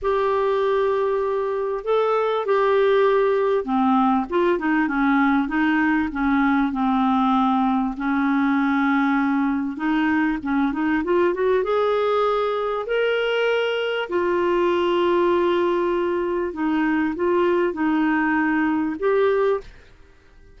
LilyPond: \new Staff \with { instrumentName = "clarinet" } { \time 4/4 \tempo 4 = 98 g'2. a'4 | g'2 c'4 f'8 dis'8 | cis'4 dis'4 cis'4 c'4~ | c'4 cis'2. |
dis'4 cis'8 dis'8 f'8 fis'8 gis'4~ | gis'4 ais'2 f'4~ | f'2. dis'4 | f'4 dis'2 g'4 | }